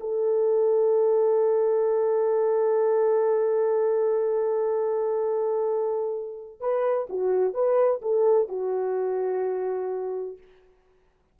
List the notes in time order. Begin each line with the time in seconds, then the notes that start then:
0.00 A4
6.60 B4
7.09 F#4
7.54 B4
8.02 A4
8.48 F#4